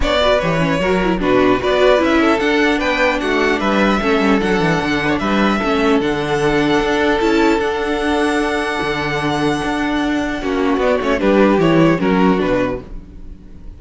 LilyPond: <<
  \new Staff \with { instrumentName = "violin" } { \time 4/4 \tempo 4 = 150 d''4 cis''2 b'4 | d''4 e''4 fis''4 g''4 | fis''4 e''2 fis''4~ | fis''4 e''2 fis''4~ |
fis''2 a''4 fis''4~ | fis''1~ | fis''2. d''8 cis''8 | b'4 cis''4 ais'4 b'4 | }
  \new Staff \with { instrumentName = "violin" } { \time 4/4 cis''8 b'4. ais'4 fis'4 | b'4. a'4. b'4 | fis'4 b'4 a'2~ | a'8 b'16 cis''16 b'4 a'2~ |
a'1~ | a'1~ | a'2 fis'2 | g'2 fis'2 | }
  \new Staff \with { instrumentName = "viola" } { \time 4/4 d'8 fis'8 g'8 cis'8 fis'8 e'8 d'4 | fis'4 e'4 d'2~ | d'2 cis'4 d'4~ | d'2 cis'4 d'4~ |
d'2 e'4 d'4~ | d'1~ | d'2 cis'4 b8 cis'8 | d'4 e'4 cis'4 d'4 | }
  \new Staff \with { instrumentName = "cello" } { \time 4/4 b4 e4 fis4 b,4 | b4 cis'4 d'4 b4 | a4 g4 a8 g8 fis8 e8 | d4 g4 a4 d4~ |
d4 d'4 cis'4 d'4~ | d'2 d2 | d'2 ais4 b8 a8 | g4 e4 fis4 b,4 | }
>>